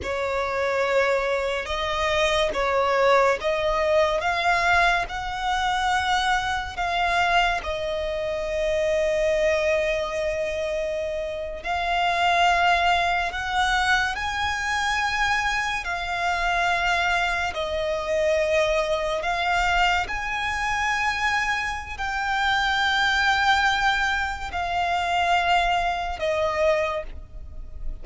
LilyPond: \new Staff \with { instrumentName = "violin" } { \time 4/4 \tempo 4 = 71 cis''2 dis''4 cis''4 | dis''4 f''4 fis''2 | f''4 dis''2.~ | dis''4.~ dis''16 f''2 fis''16~ |
fis''8. gis''2 f''4~ f''16~ | f''8. dis''2 f''4 gis''16~ | gis''2 g''2~ | g''4 f''2 dis''4 | }